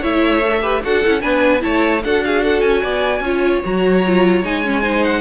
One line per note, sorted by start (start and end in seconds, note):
0.00 0.83 A3
0.00 0.42 E4
0.00 0.60 C#5
0.00 0.83 E5
0.44 0.61 A4
0.61 0.82 G4
0.61 0.82 B4
0.84 1.04 D4
0.84 1.04 F#4
0.84 1.22 A4
0.84 1.21 F#5
1.05 1.23 C#4
1.05 1.21 E4
1.21 1.63 B3
1.21 1.60 D4
1.21 1.62 B4
1.21 1.61 G#5
1.60 2.04 A3
1.60 2.00 E4
1.60 2.03 C#5
1.60 2.02 A5
2.04 2.62 D4
2.04 3.23 F#4
2.04 2.24 A4
2.04 2.24 F#5
2.24 2.43 G#4
2.24 2.44 F5
2.43 2.82 A4
2.43 2.60 F#5
2.60 2.82 C#4
2.60 3.60 G#5
2.82 3.20 B3
2.82 3.22 D5
3.20 3.60 C#4
3.20 3.63 F4
3.20 4.81 C#5
3.64 4.42 F#3
3.64 4.04 F#4
3.64 4.44 A#5
4.06 4.44 F4
4.42 5.21 G#3
4.42 4.63 D#4
4.42 5.04 G#5
4.63 4.82 C#4
4.81 5.21 D#4
4.81 5.21 C5
5.04 5.21 F#5